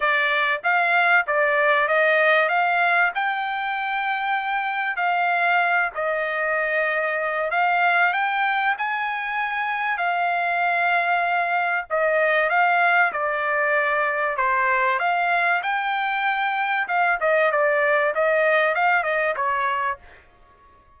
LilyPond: \new Staff \with { instrumentName = "trumpet" } { \time 4/4 \tempo 4 = 96 d''4 f''4 d''4 dis''4 | f''4 g''2. | f''4. dis''2~ dis''8 | f''4 g''4 gis''2 |
f''2. dis''4 | f''4 d''2 c''4 | f''4 g''2 f''8 dis''8 | d''4 dis''4 f''8 dis''8 cis''4 | }